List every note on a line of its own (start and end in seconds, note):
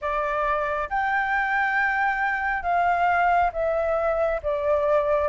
0.01 0.89 D5
0.89 2.62 G5
2.62 3.51 F5
3.52 4.40 E5
4.42 5.28 D5